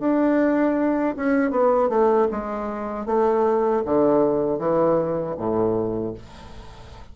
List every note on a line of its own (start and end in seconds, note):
0.00 1.15 D4
1.17 1.51 C#4
1.51 1.90 B3
1.90 2.28 A3
2.31 3.06 G#3
3.06 3.83 A3
3.86 4.59 D3
4.59 5.36 E3
5.37 6.14 A2